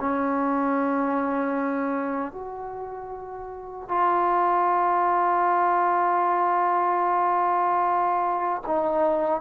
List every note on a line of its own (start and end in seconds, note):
0.00 2.32 C#4
2.32 3.88 F#4
3.88 8.62 F4
8.67 9.41 D#4